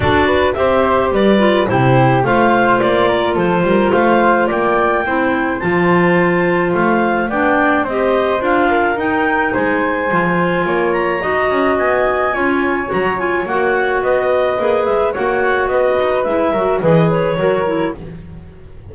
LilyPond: <<
  \new Staff \with { instrumentName = "clarinet" } { \time 4/4 \tempo 4 = 107 d''4 e''4 d''4 c''4 | f''4 d''4 c''4 f''4 | g''2 a''2 | f''4 g''4 dis''4 f''4 |
g''4 gis''2~ gis''8 ais''8~ | ais''4 gis''2 ais''8 gis''8 | fis''4 dis''4. e''8 fis''4 | dis''4 e''4 dis''8 cis''4. | }
  \new Staff \with { instrumentName = "flute" } { \time 4/4 a'8 b'8 c''4 b'4 g'4 | c''4. ais'8 a'8 ais'8 c''4 | d''4 c''2.~ | c''4 d''4 c''4. ais'8~ |
ais'4 c''2 cis''4 | dis''2 cis''2~ | cis''4 b'2 cis''4 | b'4. ais'8 b'4 ais'4 | }
  \new Staff \with { instrumentName = "clarinet" } { \time 4/4 fis'4 g'4. f'8 e'4 | f'1~ | f'4 e'4 f'2~ | f'4 d'4 g'4 f'4 |
dis'2 f'2 | fis'2 f'4 fis'8 f'8 | fis'2 gis'4 fis'4~ | fis'4 e'8 fis'8 gis'4 fis'8 e'8 | }
  \new Staff \with { instrumentName = "double bass" } { \time 4/4 d'4 c'4 g4 c4 | a4 ais4 f8 g8 a4 | ais4 c'4 f2 | a4 b4 c'4 d'4 |
dis'4 gis4 f4 ais4 | dis'8 cis'8 b4 cis'4 fis4 | ais4 b4 ais8 gis8 ais4 | b8 dis'8 gis8 fis8 e4 fis4 | }
>>